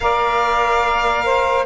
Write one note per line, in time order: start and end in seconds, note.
0.00 1.65 A#3
0.00 1.65 A#4
0.00 1.24 D5
0.00 1.65 F5
1.24 1.65 C5